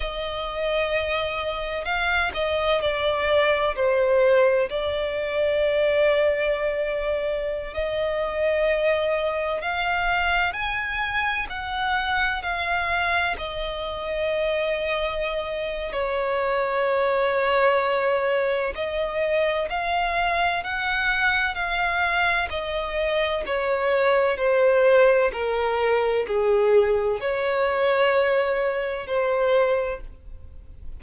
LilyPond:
\new Staff \with { instrumentName = "violin" } { \time 4/4 \tempo 4 = 64 dis''2 f''8 dis''8 d''4 | c''4 d''2.~ | d''16 dis''2 f''4 gis''8.~ | gis''16 fis''4 f''4 dis''4.~ dis''16~ |
dis''4 cis''2. | dis''4 f''4 fis''4 f''4 | dis''4 cis''4 c''4 ais'4 | gis'4 cis''2 c''4 | }